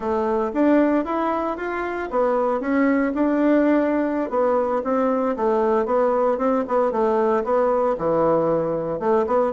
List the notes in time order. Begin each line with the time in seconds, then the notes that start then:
0.00 A3
0.53 D4
1.04 E4
1.57 F4
2.10 B3
2.60 C#4
3.14 D4
4.29 B3
4.84 C4
5.36 A3
5.85 B3
6.38 C4
6.67 B3
6.91 A3
7.43 B3
7.98 E3
8.99 A3
9.26 B3